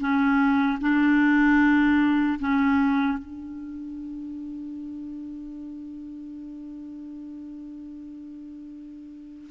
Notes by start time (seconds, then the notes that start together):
0.00 C#4
0.81 D4
2.40 C#4
3.18 D4